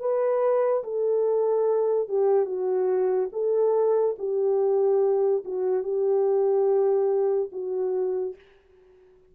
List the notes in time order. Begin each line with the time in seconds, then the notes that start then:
0.00 B4
0.84 A4
2.08 G4
2.46 F#4
3.33 A4
4.19 G4
5.45 F#4
5.83 G4
7.52 F#4